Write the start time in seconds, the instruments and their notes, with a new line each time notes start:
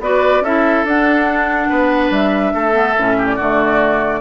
0.00 bassoon B3, clarinet F#4, oboe B4, flute D5
0.41 bassoon C#4, clarinet E4, oboe A4, flute E5
0.85 bassoon D4, clarinet D4, flute F#5
1.69 bassoon B3, oboe B4
2.10 bassoon G3, flute E5
2.54 bassoon A3, oboe A4
2.73 clarinet B3
2.98 bassoon A2, clarinet C#4
3.18 oboe G4
3.26 flute D5
3.36 bassoon D3, clarinet A3, oboe F#4